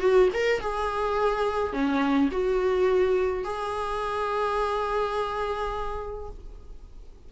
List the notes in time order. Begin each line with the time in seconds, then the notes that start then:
0.00 F#4
0.34 A#4
0.61 G#4
1.72 C#4
2.31 F#4
3.44 G#4